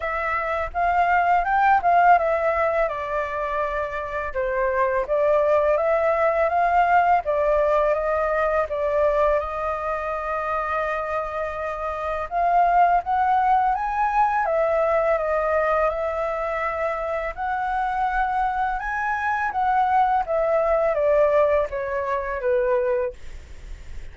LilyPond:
\new Staff \with { instrumentName = "flute" } { \time 4/4 \tempo 4 = 83 e''4 f''4 g''8 f''8 e''4 | d''2 c''4 d''4 | e''4 f''4 d''4 dis''4 | d''4 dis''2.~ |
dis''4 f''4 fis''4 gis''4 | e''4 dis''4 e''2 | fis''2 gis''4 fis''4 | e''4 d''4 cis''4 b'4 | }